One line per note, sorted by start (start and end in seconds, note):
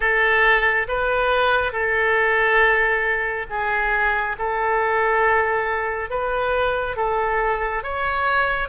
0.00 0.87 A4
0.87 1.72 B4
1.72 3.46 A4
3.49 4.36 G#4
4.38 6.10 A4
6.10 6.96 B4
6.96 7.83 A4
7.83 8.68 C#5